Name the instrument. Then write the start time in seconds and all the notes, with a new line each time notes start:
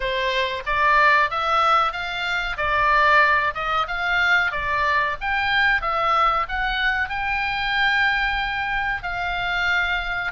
oboe
0.00 C5
0.66 D5
1.30 E5
1.92 F5
2.57 D5
3.54 D#5
3.87 F5
4.51 D5
5.21 G5
5.81 E5
6.48 F#5
7.09 G5
9.02 F5